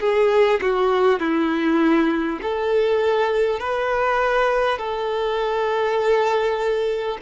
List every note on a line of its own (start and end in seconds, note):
0.00 0.60 G#4
0.61 1.19 F#4
1.19 2.39 E4
2.42 3.59 A4
3.59 4.77 B4
4.77 7.17 A4